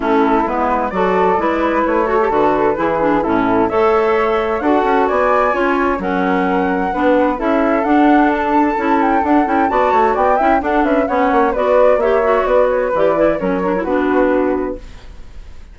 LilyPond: <<
  \new Staff \with { instrumentName = "flute" } { \time 4/4 \tempo 4 = 130 a'4 b'4 d''2 | cis''4 b'2 a'4 | e''2 fis''4 gis''4~ | gis''4 fis''2. |
e''4 fis''4 a''4. g''8 | fis''8 g''8 a''4 g''4 fis''8 e''8 | fis''4 d''4 e''4 d''8 cis''8 | d''4 cis''4 b'2 | }
  \new Staff \with { instrumentName = "flute" } { \time 4/4 e'2 a'4 b'4~ | b'8 a'4. gis'4 e'4 | cis''2 a'4 d''4 | cis''4 ais'2 b'4 |
a'1~ | a'4 d''8 cis''8 d''8 e''8 a'8 b'8 | cis''4 b'4 cis''4 b'4~ | b'4 ais'4 fis'2 | }
  \new Staff \with { instrumentName = "clarinet" } { \time 4/4 cis'4 b4 fis'4 e'4~ | e'8 fis'16 g'16 fis'4 e'8 d'8 cis'4 | a'2 fis'2 | f'4 cis'2 d'4 |
e'4 d'2 e'4 | d'8 e'8 fis'4. e'8 d'4 | cis'4 fis'4 g'8 fis'4. | g'8 e'8 cis'8 d'16 e'16 d'2 | }
  \new Staff \with { instrumentName = "bassoon" } { \time 4/4 a4 gis4 fis4 gis4 | a4 d4 e4 a,4 | a2 d'8 cis'8 b4 | cis'4 fis2 b4 |
cis'4 d'2 cis'4 | d'8 cis'8 b8 a8 b8 cis'8 d'8 cis'8 | b8 ais8 b4 ais4 b4 | e4 fis4 b2 | }
>>